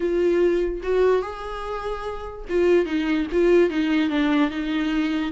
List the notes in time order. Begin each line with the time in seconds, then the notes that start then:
0.00 F4
0.83 F#4
1.21 G#4
2.49 F4
2.85 D#4
3.32 F4
3.69 D#4
4.09 D4
4.50 D#4